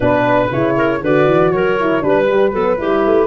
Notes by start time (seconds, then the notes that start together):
0.00 B2 D4 B4
0.50 C#3 E4 C#5
0.76 A#4
1.01 D3 F#4 B4 D5
1.26 E3
1.51 F#3 A#4 C#5
1.80 E4
2.01 G3 D4 B4
2.28 G3
2.52 F#3 B3 A4
2.78 G3 E4 G4
3.05 A3